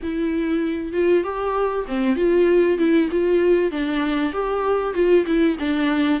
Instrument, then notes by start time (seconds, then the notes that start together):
viola
0.03 E4
0.93 F4
1.23 G4
1.87 C4
2.16 F4
2.78 E4
3.11 F4
3.71 D4
4.32 G4
4.94 F4
5.25 E4
5.59 D4